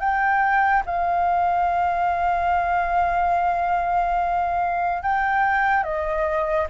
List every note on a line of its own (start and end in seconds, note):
0.00 0.83 G5
0.86 5.03 F5
5.03 5.84 G5
5.84 6.67 D#5